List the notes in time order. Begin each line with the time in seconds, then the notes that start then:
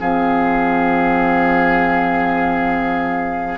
0.00 F3 C4 G#4 F5